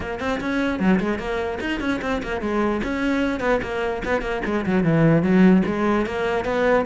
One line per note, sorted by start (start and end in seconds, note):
0.00 0.19 A#3
0.19 0.40 C4
0.40 0.79 C#4
0.79 0.99 F#3
1.00 1.18 G#3
1.18 1.59 A#3
1.60 1.80 D#4
1.80 2.00 C#4
2.01 2.21 C4
2.22 2.41 A#3
2.41 2.81 G#3
2.83 3.40 C#4
3.40 3.60 B3
3.62 4.02 A#3
4.04 4.21 B3
4.21 4.41 A#3
4.45 4.65 G#3
4.66 4.83 F#3
4.83 5.22 E3
5.22 5.62 F#3
5.66 6.06 G#3
6.06 6.44 A#3
6.44 6.85 B3